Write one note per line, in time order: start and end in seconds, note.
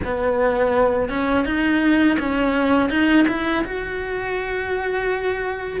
0.04 1.09 B3
1.09 1.45 C#4
1.45 2.17 D#4
2.19 2.89 C#4
2.89 3.25 D#4
3.27 3.63 E4
3.64 5.80 F#4